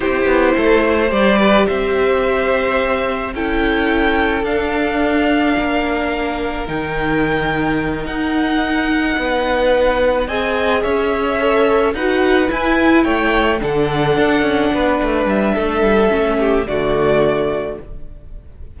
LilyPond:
<<
  \new Staff \with { instrumentName = "violin" } { \time 4/4 \tempo 4 = 108 c''2 d''4 e''4~ | e''2 g''2 | f''1 | g''2~ g''8 fis''4.~ |
fis''2~ fis''8 gis''4 e''8~ | e''4. fis''4 gis''4 g''8~ | g''8 fis''2. e''8~ | e''2 d''2 | }
  \new Staff \with { instrumentName = "violin" } { \time 4/4 g'4 a'8 c''4 b'8 c''4~ | c''2 a'2~ | a'2 ais'2~ | ais'1~ |
ais'8 b'2 dis''4 cis''8~ | cis''4. b'2 cis''8~ | cis''8 a'2 b'4. | a'4. g'8 fis'2 | }
  \new Staff \with { instrumentName = "viola" } { \time 4/4 e'2 g'2~ | g'2 e'2 | d'1 | dis'1~ |
dis'2~ dis'8 gis'4.~ | gis'8 a'4 fis'4 e'4.~ | e'8 d'2.~ d'8~ | d'4 cis'4 a2 | }
  \new Staff \with { instrumentName = "cello" } { \time 4/4 c'8 b8 a4 g4 c'4~ | c'2 cis'2 | d'2 ais2 | dis2~ dis8 dis'4.~ |
dis'8 b2 c'4 cis'8~ | cis'4. dis'4 e'4 a8~ | a8 d4 d'8 cis'8 b8 a8 g8 | a8 g8 a4 d2 | }
>>